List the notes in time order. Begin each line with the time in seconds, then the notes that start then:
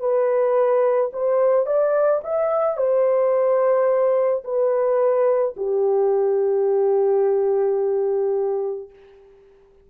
0.00 B4
1.13 C5
1.66 D5
2.24 E5
2.77 C5
4.44 B4
5.57 G4